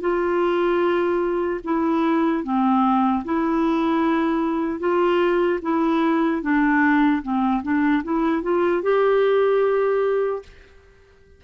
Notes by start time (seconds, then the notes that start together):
0.00 F4
1.64 E4
2.43 C4
3.24 E4
4.79 F4
5.62 E4
6.42 D4
7.22 C4
7.63 D4
8.04 E4
8.42 F4
8.82 G4